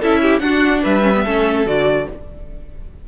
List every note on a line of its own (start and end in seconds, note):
0.00 0.40 C#4
0.00 0.41 E4
0.00 0.21 A4
0.00 0.39 E5
0.21 0.42 G4
0.39 0.81 D4
0.39 1.02 D4
0.39 0.83 F#4
0.39 0.80 F#5
0.83 1.25 G3
0.83 1.24 B4
0.83 1.67 E5
1.02 1.12 C#4
1.15 1.25 B3
1.24 1.65 A3
1.24 1.66 C#4
1.24 2.07 A4
1.65 2.07 D3
1.65 2.08 F#4
1.65 2.08 D5